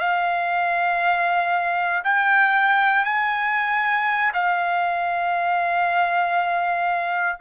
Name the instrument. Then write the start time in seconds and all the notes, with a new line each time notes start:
trumpet
0.00 F5
2.04 G5
3.05 G#5
4.35 F5